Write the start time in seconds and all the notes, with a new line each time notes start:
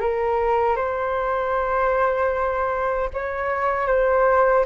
0.00 A#4
0.76 C5
3.13 C#5
3.87 C5